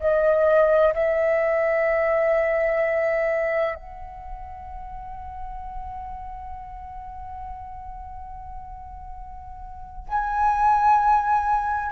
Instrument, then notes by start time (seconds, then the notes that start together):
flute
0.00 D#5
0.94 E5
3.75 F#5
10.09 G#5